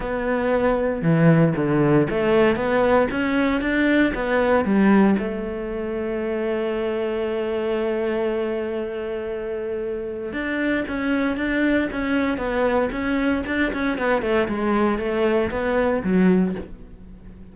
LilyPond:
\new Staff \with { instrumentName = "cello" } { \time 4/4 \tempo 4 = 116 b2 e4 d4 | a4 b4 cis'4 d'4 | b4 g4 a2~ | a1~ |
a1 | d'4 cis'4 d'4 cis'4 | b4 cis'4 d'8 cis'8 b8 a8 | gis4 a4 b4 fis4 | }